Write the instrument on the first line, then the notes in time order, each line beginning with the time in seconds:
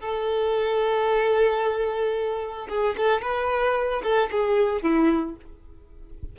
violin
0.00 A4
2.69 G#4
2.98 A4
3.22 B4
4.03 A4
4.31 G#4
4.83 E4